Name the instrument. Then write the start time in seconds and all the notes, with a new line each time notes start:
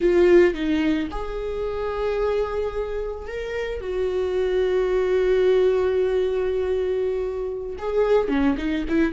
viola
0.00 F4
0.54 D#4
1.11 G#4
3.27 A#4
3.81 F#4
7.78 G#4
8.28 C#4
8.57 D#4
8.88 E4